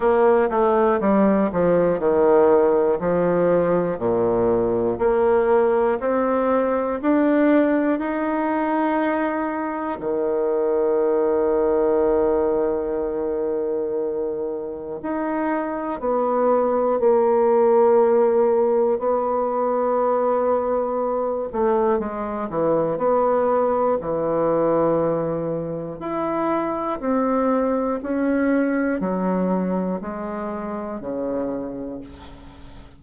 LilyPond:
\new Staff \with { instrumentName = "bassoon" } { \time 4/4 \tempo 4 = 60 ais8 a8 g8 f8 dis4 f4 | ais,4 ais4 c'4 d'4 | dis'2 dis2~ | dis2. dis'4 |
b4 ais2 b4~ | b4. a8 gis8 e8 b4 | e2 e'4 c'4 | cis'4 fis4 gis4 cis4 | }